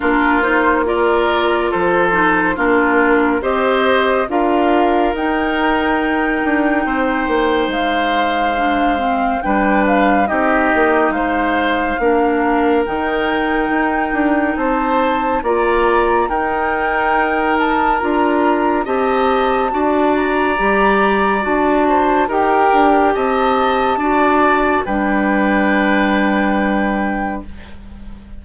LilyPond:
<<
  \new Staff \with { instrumentName = "flute" } { \time 4/4 \tempo 4 = 70 ais'8 c''8 d''4 c''4 ais'4 | dis''4 f''4 g''2~ | g''4 f''2 g''8 f''8 | dis''4 f''2 g''4~ |
g''4 a''4 ais''4 g''4~ | g''8 a''8 ais''4 a''4. ais''8~ | ais''4 a''4 g''4 a''4~ | a''4 g''2. | }
  \new Staff \with { instrumentName = "oboe" } { \time 4/4 f'4 ais'4 a'4 f'4 | c''4 ais'2. | c''2. b'4 | g'4 c''4 ais'2~ |
ais'4 c''4 d''4 ais'4~ | ais'2 dis''4 d''4~ | d''4. c''8 ais'4 dis''4 | d''4 b'2. | }
  \new Staff \with { instrumentName = "clarinet" } { \time 4/4 d'8 dis'8 f'4. dis'8 d'4 | g'4 f'4 dis'2~ | dis'2 d'8 c'8 d'4 | dis'2 d'4 dis'4~ |
dis'2 f'4 dis'4~ | dis'4 f'4 g'4 fis'4 | g'4 fis'4 g'2 | fis'4 d'2. | }
  \new Staff \with { instrumentName = "bassoon" } { \time 4/4 ais2 f4 ais4 | c'4 d'4 dis'4. d'8 | c'8 ais8 gis2 g4 | c'8 ais8 gis4 ais4 dis4 |
dis'8 d'8 c'4 ais4 dis'4~ | dis'4 d'4 c'4 d'4 | g4 d'4 dis'8 d'8 c'4 | d'4 g2. | }
>>